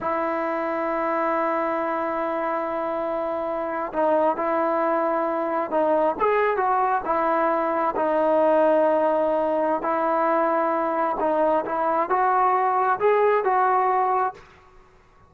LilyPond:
\new Staff \with { instrumentName = "trombone" } { \time 4/4 \tempo 4 = 134 e'1~ | e'1~ | e'8. dis'4 e'2~ e'16~ | e'8. dis'4 gis'4 fis'4 e'16~ |
e'4.~ e'16 dis'2~ dis'16~ | dis'2 e'2~ | e'4 dis'4 e'4 fis'4~ | fis'4 gis'4 fis'2 | }